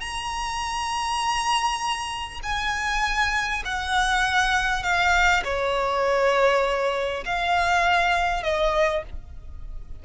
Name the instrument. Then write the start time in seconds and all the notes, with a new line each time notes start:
violin
0.00 A#5
2.43 G#5
3.65 F#5
4.83 F5
5.44 C#5
7.25 F5
8.43 D#5